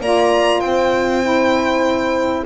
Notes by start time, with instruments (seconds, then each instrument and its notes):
0.00 double bass A#3, saxophone F4, horn D5, violin A#5
0.60 double bass C4, horn C5, violin G5
1.23 saxophone E4